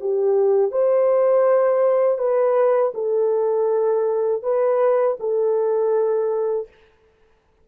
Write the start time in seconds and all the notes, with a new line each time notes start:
0.00 G4
0.71 C5
2.18 B4
2.94 A4
4.42 B4
5.19 A4